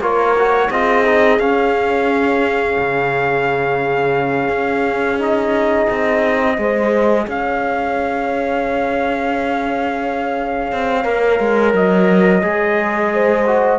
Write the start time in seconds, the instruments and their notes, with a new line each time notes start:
0.00 cello A#3, trombone F4, horn A#4, trumpet C#5
0.38 trombone F#4
0.71 cello C4, trombone F4, horn G#4, trumpet D#5
1.05 trombone D#4
1.39 cello C#4, trombone C#4, trumpet F5
2.78 cello C#3
4.48 cello C#4
5.19 trombone D#4, trumpet D#5
5.90 cello C4
6.56 cello G#3, trombone G#4, horn C5
7.26 cello C#4, horn C#5, trumpet F5
10.72 cello C4
11.04 cello A#3, trombone A#4
11.40 cello G#3
11.74 cello F#3, trumpet D#5
12.42 cello G#3, trombone G#4
13.14 horn C5
13.47 trombone F#4